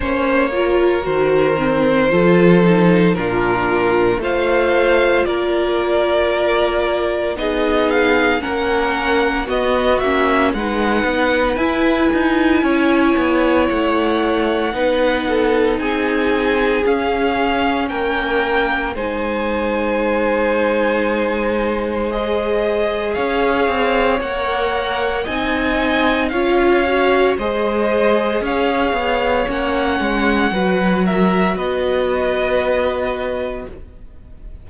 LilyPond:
<<
  \new Staff \with { instrumentName = "violin" } { \time 4/4 \tempo 4 = 57 cis''4 c''2 ais'4 | f''4 d''2 dis''8 f''8 | fis''4 dis''8 e''8 fis''4 gis''4~ | gis''4 fis''2 gis''4 |
f''4 g''4 gis''2~ | gis''4 dis''4 f''4 fis''4 | gis''4 f''4 dis''4 f''4 | fis''4. e''8 dis''2 | }
  \new Staff \with { instrumentName = "violin" } { \time 4/4 c''8 ais'4. a'4 f'4 | c''4 ais'2 gis'4 | ais'4 fis'4 b'2 | cis''2 b'8 a'8 gis'4~ |
gis'4 ais'4 c''2~ | c''2 cis''2 | dis''4 cis''4 c''4 cis''4~ | cis''4 b'8 ais'8 b'2 | }
  \new Staff \with { instrumentName = "viola" } { \time 4/4 cis'8 f'8 fis'8 c'8 f'8 dis'8 d'4 | f'2. dis'4 | cis'4 b8 cis'8 dis'4 e'4~ | e'2 dis'2 |
cis'2 dis'2~ | dis'4 gis'2 ais'4 | dis'4 f'8 fis'8 gis'2 | cis'4 fis'2. | }
  \new Staff \with { instrumentName = "cello" } { \time 4/4 ais4 dis4 f4 ais,4 | a4 ais2 b4 | ais4 b8 ais8 gis8 b8 e'8 dis'8 | cis'8 b8 a4 b4 c'4 |
cis'4 ais4 gis2~ | gis2 cis'8 c'8 ais4 | c'4 cis'4 gis4 cis'8 b8 | ais8 gis8 fis4 b2 | }
>>